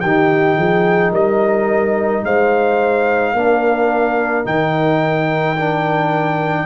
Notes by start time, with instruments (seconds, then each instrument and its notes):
0.00 tuba D#3, horn G4, trumpet G5
0.06 trombone D#4
0.57 tuba F3, horn G#4
1.11 tuba G3, horn A#4, trumpet D#5
2.23 tuba G#3, horn C5, trumpet F5
3.33 tuba A#3, trombone D4, horn A#4
4.44 tuba D#3, trombone D#4, trumpet G5
5.56 trombone D4